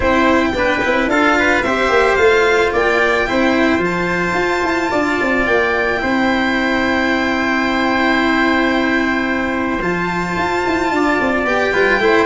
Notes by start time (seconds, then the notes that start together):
0.00 C4 E4 C5 G5
0.53 B3 D4 B4
0.84 C4 E4
1.07 D4 F4 A4 F5
1.38 B4
1.61 C4 G4 C5 E5
1.89 A#3
2.15 A3 F4 F5
2.72 A#3 D5 G5
3.26 C4 E4 C5
3.78 F3 F4
3.84 A5
4.34 F4
4.63 E4
4.90 D4 D5
5.21 C4
5.45 A#3 G5
5.97 C4 E4 C5
9.81 F3 F4 A5
10.36 F4
10.66 E4
10.91 D4 D5
11.20 C4
11.44 B3 G4 G5
11.72 G3 F4 B4
11.99 A3 E4 C5